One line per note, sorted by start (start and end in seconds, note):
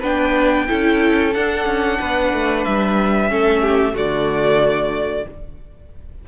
0.00 0.68 B3
0.00 0.67 D4
0.00 0.65 B4
0.00 1.33 G5
0.67 1.35 C#4
0.67 1.32 E4
0.67 1.99 A4
1.34 1.66 D4
1.34 3.28 D4
1.34 2.64 F#5
1.66 1.99 C#4
2.00 2.33 B3
2.00 3.30 B4
2.33 2.66 A3
2.64 3.30 G3
2.64 3.95 E5
3.28 3.94 A3
3.28 3.93 C#4
3.28 3.62 A4
3.62 3.94 G4
3.93 5.25 D3
3.93 5.23 A3
3.93 5.25 F#4
3.93 5.28 D5